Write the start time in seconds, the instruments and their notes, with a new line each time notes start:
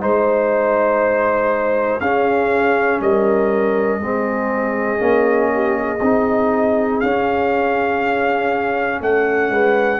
0.00 tuba G#3, trombone D#4, horn C5, trumpet C5
2.00 tuba C#4, trombone C#4, horn G#4, trumpet F5
3.00 tuba G3, horn A#4, trumpet D#5
4.00 tuba G#3, trombone C4, horn G#4
4.98 tuba A#3, trombone C#4
5.54 horn G4
5.80 horn G#4
6.02 tuba C4, trombone D#4
7.00 tuba C#4, trombone C#4, trumpet F5
9.01 tuba A3, horn A4, trumpet F#5
9.49 tuba G#3, horn B4